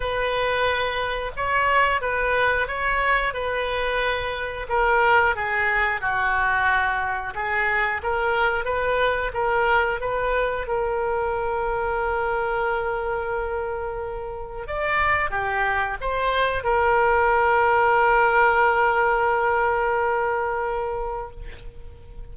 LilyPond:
\new Staff \with { instrumentName = "oboe" } { \time 4/4 \tempo 4 = 90 b'2 cis''4 b'4 | cis''4 b'2 ais'4 | gis'4 fis'2 gis'4 | ais'4 b'4 ais'4 b'4 |
ais'1~ | ais'2 d''4 g'4 | c''4 ais'2.~ | ais'1 | }